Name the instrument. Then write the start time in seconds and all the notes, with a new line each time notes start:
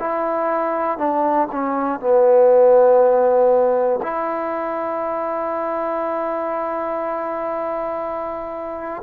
trombone
0.00 E4
0.99 D4
1.52 C#4
2.01 B3
4.03 E4